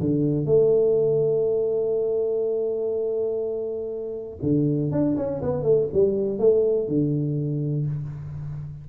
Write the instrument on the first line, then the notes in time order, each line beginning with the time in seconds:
tuba
0.00 D3
0.46 A3
4.42 D3
4.92 D4
5.17 C#4
5.42 B3
5.63 A3
5.93 G3
6.39 A3
6.88 D3